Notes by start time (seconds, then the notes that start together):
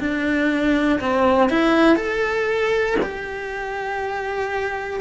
0.00 D4
1.00 C4
1.50 E4
1.96 A4
3.03 G4